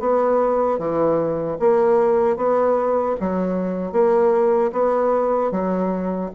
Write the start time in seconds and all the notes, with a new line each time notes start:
0.00 B3
0.79 E3
1.60 A#3
2.37 B3
3.20 F#3
3.93 A#3
4.72 B3
5.52 F#3